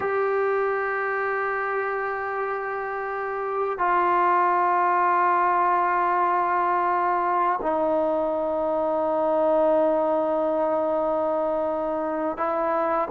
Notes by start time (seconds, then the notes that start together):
0.00 G4
3.78 F4
7.62 D#4
12.37 E4